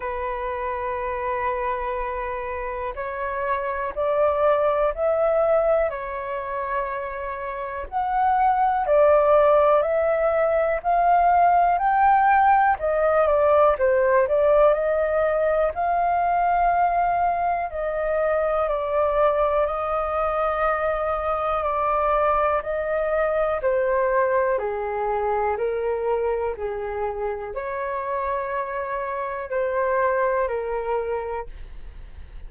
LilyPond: \new Staff \with { instrumentName = "flute" } { \time 4/4 \tempo 4 = 61 b'2. cis''4 | d''4 e''4 cis''2 | fis''4 d''4 e''4 f''4 | g''4 dis''8 d''8 c''8 d''8 dis''4 |
f''2 dis''4 d''4 | dis''2 d''4 dis''4 | c''4 gis'4 ais'4 gis'4 | cis''2 c''4 ais'4 | }